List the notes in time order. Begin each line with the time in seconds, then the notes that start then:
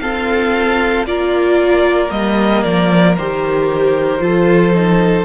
0.00 C4 F4 A4 F5
1.05 A#3 F4 A#4 D5
2.10 G3 A#3 D#5
2.63 F3 D5
3.17 D#3 G4 C5
4.20 F3 F4 A4
4.75 D#4